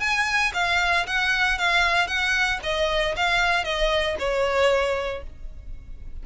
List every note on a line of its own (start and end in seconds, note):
0.00 0.52 G#5
0.54 1.06 F5
1.07 1.58 F#5
1.58 2.08 F5
2.08 2.60 F#5
2.63 3.16 D#5
3.16 3.64 F5
3.64 4.16 D#5
4.19 5.24 C#5